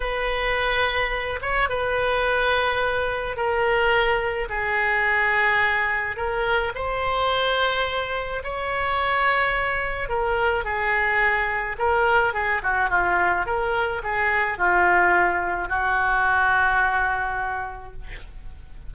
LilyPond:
\new Staff \with { instrumentName = "oboe" } { \time 4/4 \tempo 4 = 107 b'2~ b'8 cis''8 b'4~ | b'2 ais'2 | gis'2. ais'4 | c''2. cis''4~ |
cis''2 ais'4 gis'4~ | gis'4 ais'4 gis'8 fis'8 f'4 | ais'4 gis'4 f'2 | fis'1 | }